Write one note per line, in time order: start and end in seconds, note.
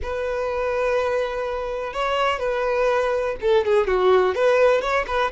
0.02 1.93 B4
1.93 2.39 C#5
2.39 3.36 B4
3.41 3.65 A4
3.65 3.87 G#4
3.87 4.34 F#4
4.34 4.81 B4
4.81 5.05 C#5
5.07 5.31 B4